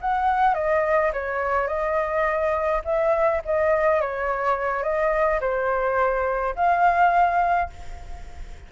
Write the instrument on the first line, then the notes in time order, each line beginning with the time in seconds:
flute
0.00 F#5
0.54 D#5
1.12 C#5
1.67 D#5
2.84 E5
3.45 D#5
4.01 C#5
4.82 D#5
5.40 C5
6.55 F5